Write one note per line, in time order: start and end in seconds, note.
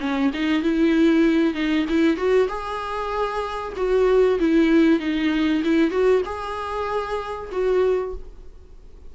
0.00 0.31 C#4
0.34 0.62 D#4
0.62 1.54 E4
1.54 1.86 D#4
1.89 2.17 E4
2.17 2.48 F#4
2.48 3.73 G#4
3.76 4.39 F#4
4.40 5.00 E4
5.00 5.62 D#4
5.64 5.91 E4
5.91 6.22 F#4
6.25 7.50 G#4
7.52 8.14 F#4